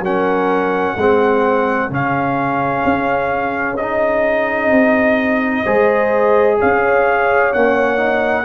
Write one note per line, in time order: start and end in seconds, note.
0.00 0.94 F#3
0.00 0.98 C#4
0.00 0.96 A#4
0.00 1.92 F#5
0.96 1.90 G#3
0.96 1.91 C4
0.96 5.63 G#4
1.90 2.84 C#3
1.90 3.78 C#4
1.90 3.77 F5
2.85 4.71 C#4
3.77 5.66 D#4
3.77 6.58 D#5
4.71 5.65 C4
5.63 6.60 G#3
5.63 7.53 G#4
5.63 6.57 C5
6.59 7.55 C#4
6.59 8.45 C#5
6.59 7.53 F5
7.53 8.45 A#3
7.53 7.97 C#4
7.53 8.45 F#5
7.97 8.44 D#4